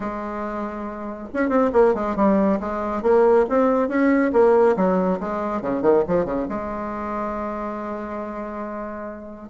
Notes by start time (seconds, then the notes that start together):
0.00 G#3
1.33 C#4
1.49 C4
1.72 A#3
1.94 G#3
2.16 G3
2.60 G#3
3.02 A#3
3.49 C4
3.88 C#4
4.32 A#3
4.76 F#3
5.20 G#3
5.61 C#3
5.82 D#3
6.07 F3
6.25 C#3
6.48 G#3